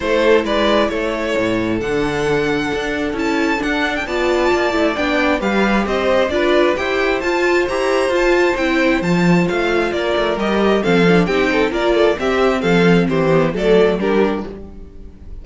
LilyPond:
<<
  \new Staff \with { instrumentName = "violin" } { \time 4/4 \tempo 4 = 133 c''4 d''4 cis''2 | fis''2. a''4 | fis''8. g''16 a''2 g''4 | f''4 dis''4 d''4 g''4 |
a''4 ais''4 a''4 g''4 | a''4 f''4 d''4 dis''4 | f''4 g''4 d''4 e''4 | f''4 c''4 d''4 ais'4 | }
  \new Staff \with { instrumentName = "violin" } { \time 4/4 a'4 b'4 a'2~ | a'1~ | a'4 d''2. | b'4 c''4 b'4 c''4~ |
c''1~ | c''2 ais'2 | a'4 g'8 a'8 ais'8 a'8 g'4 | a'4 g'4 a'4 g'4 | }
  \new Staff \with { instrumentName = "viola" } { \time 4/4 e'1 | d'2. e'4 | d'4 f'4. e'8 d'4 | g'2 f'4 g'4 |
f'4 g'4 f'4 e'4 | f'2. g'4 | c'8 d'8 dis'4 f'4 c'4~ | c'4. b8 a4 d'4 | }
  \new Staff \with { instrumentName = "cello" } { \time 4/4 a4 gis4 a4 a,4 | d2 d'4 cis'4 | d'4 b4 ais8 a8 b4 | g4 c'4 d'4 e'4 |
f'4 e'4 f'4 c'4 | f4 a4 ais8 a8 g4 | f4 c'4 ais4 c'4 | f4 e4 fis4 g4 | }
>>